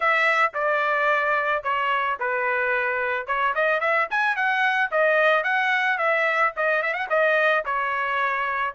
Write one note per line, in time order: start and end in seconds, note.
0.00 0.52 E5
0.54 1.63 D5
1.63 2.17 C#5
2.19 3.27 B4
3.27 3.54 C#5
3.54 3.80 D#5
3.80 4.07 E5
4.10 4.36 G#5
4.36 4.90 F#5
4.91 5.43 D#5
5.43 5.98 F#5
5.98 6.52 E5
6.56 6.82 D#5
6.82 6.93 E5
6.93 7.07 F#5
7.09 7.64 D#5
7.65 8.74 C#5